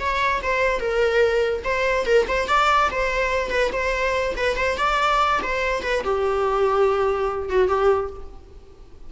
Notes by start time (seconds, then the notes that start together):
0.00 C#5
0.43 C5
0.80 A#4
1.64 C5
2.06 A#4
2.28 C5
2.48 D5
2.91 C5
3.50 B4
3.73 C5
4.37 B4
4.56 C5
4.77 D5
5.43 C5
5.83 B4
6.04 G4
7.49 F#4
7.68 G4